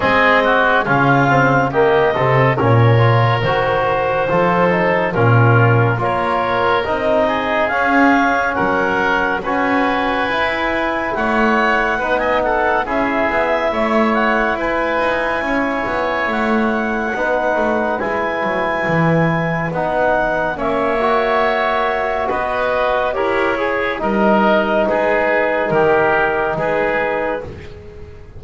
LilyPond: <<
  \new Staff \with { instrumentName = "clarinet" } { \time 4/4 \tempo 4 = 70 dis''4 f''4 dis''4 cis''4 | c''2 ais'4 cis''4 | dis''4 f''4 fis''4 gis''4~ | gis''4 fis''4~ fis''16 gis''16 fis''8 e''4~ |
e''8 fis''8 gis''2 fis''4~ | fis''4 gis''2 fis''4 | e''2 dis''4 cis''4 | dis''4 b'4 ais'4 b'4 | }
  \new Staff \with { instrumentName = "oboe" } { \time 4/4 gis'8 fis'8 f'4 g'8 a'8 ais'4~ | ais'4 a'4 f'4 ais'4~ | ais'8 gis'4. ais'4 b'4~ | b'4 cis''4 b'16 dis''16 a'8 gis'4 |
cis''4 b'4 cis''2 | b'1 | cis''2 b'4 ais'8 gis'8 | ais'4 gis'4 g'4 gis'4 | }
  \new Staff \with { instrumentName = "trombone" } { \time 4/4 c'4 cis'8 c'8 ais8 c'8 cis'8 f'8 | fis'4 f'8 dis'8 cis'4 f'4 | dis'4 cis'2 fis'4 | e'2 dis'4 e'4~ |
e'1 | dis'4 e'2 dis'4 | cis'8 fis'2~ fis'8 g'8 gis'8 | dis'1 | }
  \new Staff \with { instrumentName = "double bass" } { \time 4/4 gis4 cis4. c8 ais,4 | dis4 f4 ais,4 ais4 | c'4 cis'4 fis4 cis'4 | e'4 a4 b4 cis'8 b8 |
a4 e'8 dis'8 cis'8 b8 a4 | b8 a8 gis8 fis8 e4 b4 | ais2 b4 e'4 | g4 gis4 dis4 gis4 | }
>>